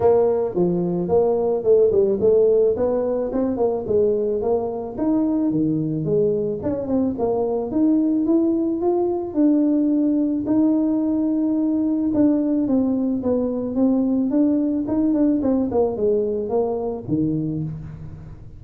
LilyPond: \new Staff \with { instrumentName = "tuba" } { \time 4/4 \tempo 4 = 109 ais4 f4 ais4 a8 g8 | a4 b4 c'8 ais8 gis4 | ais4 dis'4 dis4 gis4 | cis'8 c'8 ais4 dis'4 e'4 |
f'4 d'2 dis'4~ | dis'2 d'4 c'4 | b4 c'4 d'4 dis'8 d'8 | c'8 ais8 gis4 ais4 dis4 | }